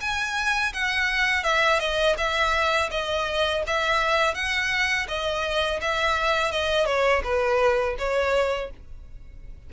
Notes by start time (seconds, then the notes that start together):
0.00 G#5
0.73 F#5
1.43 E5
1.79 D#5
2.17 E5
2.91 D#5
3.66 E5
4.34 F#5
5.08 D#5
5.81 E5
6.51 D#5
6.85 C#5
7.24 B4
7.98 C#5